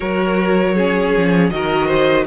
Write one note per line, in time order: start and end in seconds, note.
0.00 1.15 F#3
0.00 0.74 F#4
0.00 0.74 A#4
0.00 1.50 C#5
0.74 1.51 C#4
0.74 1.50 G#4
1.17 1.50 F3
1.50 2.26 D#3
1.50 2.26 F#4
1.50 1.86 A#4
1.50 2.25 D#5
1.86 2.24 C5